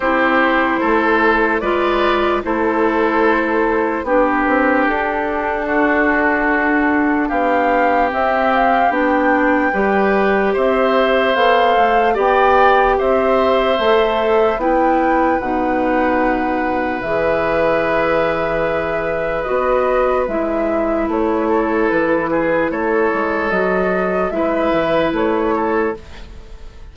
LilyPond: <<
  \new Staff \with { instrumentName = "flute" } { \time 4/4 \tempo 4 = 74 c''2 d''4 c''4~ | c''4 b'4 a'2~ | a'4 f''4 e''8 f''8 g''4~ | g''4 e''4 f''4 g''4 |
e''2 g''4 fis''4~ | fis''4 e''2. | dis''4 e''4 cis''4 b'4 | cis''4 dis''4 e''4 cis''4 | }
  \new Staff \with { instrumentName = "oboe" } { \time 4/4 g'4 a'4 b'4 a'4~ | a'4 g'2 fis'4~ | fis'4 g'2. | b'4 c''2 d''4 |
c''2 b'2~ | b'1~ | b'2~ b'8 a'4 gis'8 | a'2 b'4. a'8 | }
  \new Staff \with { instrumentName = "clarinet" } { \time 4/4 e'2 f'4 e'4~ | e'4 d'2.~ | d'2 c'4 d'4 | g'2 a'4 g'4~ |
g'4 a'4 e'4 dis'4~ | dis'4 gis'2. | fis'4 e'2.~ | e'4 fis'4 e'2 | }
  \new Staff \with { instrumentName = "bassoon" } { \time 4/4 c'4 a4 gis4 a4~ | a4 b8 c'8 d'2~ | d'4 b4 c'4 b4 | g4 c'4 b8 a8 b4 |
c'4 a4 b4 b,4~ | b,4 e2. | b4 gis4 a4 e4 | a8 gis8 fis4 gis8 e8 a4 | }
>>